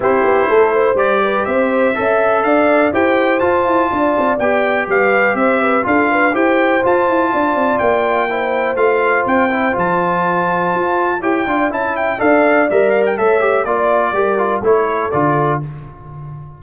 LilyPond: <<
  \new Staff \with { instrumentName = "trumpet" } { \time 4/4 \tempo 4 = 123 c''2 d''4 e''4~ | e''4 f''4 g''4 a''4~ | a''4 g''4 f''4 e''4 | f''4 g''4 a''2 |
g''2 f''4 g''4 | a''2. g''4 | a''8 g''8 f''4 e''8 f''16 g''16 e''4 | d''2 cis''4 d''4 | }
  \new Staff \with { instrumentName = "horn" } { \time 4/4 g'4 a'8 c''4 b'8 c''4 | e''4 d''4 c''2 | d''2 b'4 c''8 b'8 | a'8 b'8 c''2 d''4~ |
d''4 c''2.~ | c''2. cis''8 d''8 | e''4 d''2 cis''4 | d''4 ais'4 a'2 | }
  \new Staff \with { instrumentName = "trombone" } { \time 4/4 e'2 g'2 | a'2 g'4 f'4~ | f'4 g'2. | f'4 g'4 f'2~ |
f'4 e'4 f'4. e'8 | f'2. g'8 f'8 | e'4 a'4 ais'4 a'8 g'8 | f'4 g'8 f'8 e'4 f'4 | }
  \new Staff \with { instrumentName = "tuba" } { \time 4/4 c'8 b8 a4 g4 c'4 | cis'4 d'4 e'4 f'8 e'8 | d'8 c'8 b4 g4 c'4 | d'4 e'4 f'8 e'8 d'8 c'8 |
ais2 a4 c'4 | f2 f'4 e'8 d'8 | cis'4 d'4 g4 a4 | ais4 g4 a4 d4 | }
>>